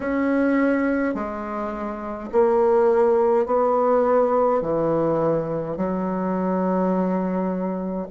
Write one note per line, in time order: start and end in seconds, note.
0.00 1.14 C#4
1.14 2.29 G#3
2.31 3.46 A#3
3.46 4.61 B3
4.61 5.76 E3
5.76 8.07 F#3